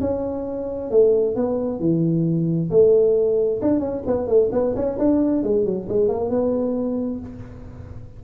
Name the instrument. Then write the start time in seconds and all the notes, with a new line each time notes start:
tuba
0.00 C#4
0.90 A3
1.35 B3
1.79 E3
2.70 A3
3.61 D4
3.79 C#4
4.06 B3
4.27 A3
4.52 B3
4.75 C#4
4.98 D4
5.43 G#3
5.65 F#3
5.89 G#3
6.08 A#3
6.29 B3